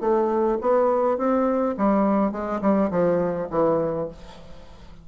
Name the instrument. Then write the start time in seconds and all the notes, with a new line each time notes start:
bassoon
0.00 A3
0.61 B3
1.17 C4
1.77 G3
2.31 G#3
2.61 G3
2.90 F3
3.50 E3